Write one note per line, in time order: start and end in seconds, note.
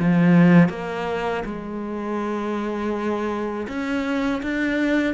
0.00 0.69 F3
0.69 1.43 A#3
1.45 3.67 G#3
3.68 4.42 C#4
4.43 5.14 D4